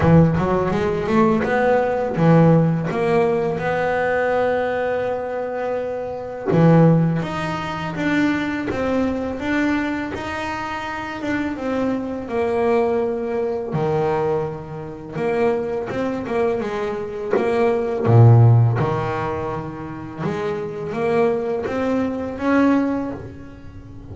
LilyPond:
\new Staff \with { instrumentName = "double bass" } { \time 4/4 \tempo 4 = 83 e8 fis8 gis8 a8 b4 e4 | ais4 b2.~ | b4 e4 dis'4 d'4 | c'4 d'4 dis'4. d'8 |
c'4 ais2 dis4~ | dis4 ais4 c'8 ais8 gis4 | ais4 ais,4 dis2 | gis4 ais4 c'4 cis'4 | }